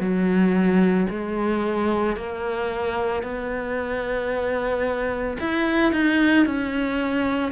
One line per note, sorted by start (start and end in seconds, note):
0.00 1.07 F#3
1.10 2.16 G#3
2.16 3.23 A#3
3.23 5.37 B3
5.40 5.92 E4
5.92 6.46 D#4
6.46 7.52 C#4